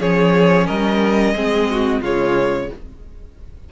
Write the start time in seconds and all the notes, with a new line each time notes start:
0.00 F3 C#4 G#4 C#5
0.67 G3 A#4 D#5
1.33 G#3 C4 G#4
1.71 F#4
2.02 C#3 G#3 F4 C#5